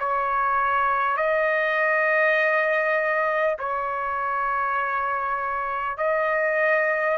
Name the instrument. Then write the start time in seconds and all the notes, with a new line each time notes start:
trumpet
0.00 C#5
1.17 D#5
3.59 C#5
5.98 D#5